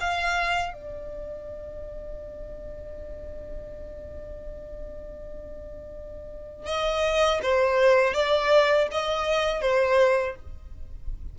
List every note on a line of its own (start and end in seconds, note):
0.00 0.73 F5
0.73 6.66 D5
6.66 7.40 D#5
7.42 8.13 C5
8.13 8.88 D5
8.91 9.61 D#5
9.61 10.35 C5